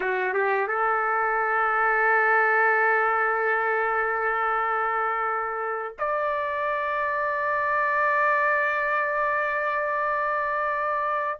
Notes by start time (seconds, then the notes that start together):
0.00 F#4
0.33 G4
0.67 A4
5.98 D5